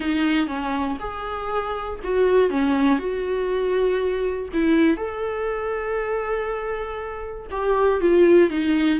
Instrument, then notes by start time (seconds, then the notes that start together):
viola
0.00 D#4
0.47 C#4
0.99 G#4
2.03 F#4
2.50 C#4
2.98 F#4
4.52 E4
4.96 A4
7.50 G4
8.00 F4
8.50 D#4